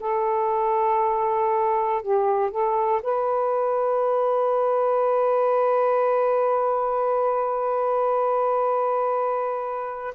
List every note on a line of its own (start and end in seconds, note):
0.00 2.02 A4
2.02 2.51 G4
2.51 3.02 A4
3.03 10.15 B4